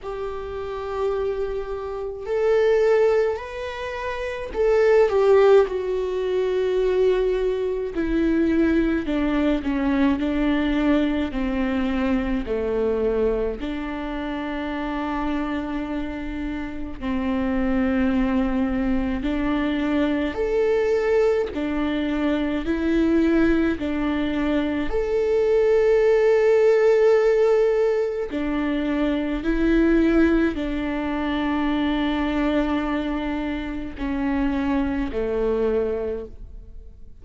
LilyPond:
\new Staff \with { instrumentName = "viola" } { \time 4/4 \tempo 4 = 53 g'2 a'4 b'4 | a'8 g'8 fis'2 e'4 | d'8 cis'8 d'4 c'4 a4 | d'2. c'4~ |
c'4 d'4 a'4 d'4 | e'4 d'4 a'2~ | a'4 d'4 e'4 d'4~ | d'2 cis'4 a4 | }